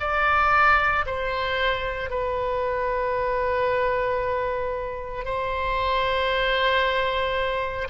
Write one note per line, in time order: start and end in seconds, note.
0.00 1.05 D5
1.06 2.10 C5
2.10 5.25 B4
5.25 7.88 C5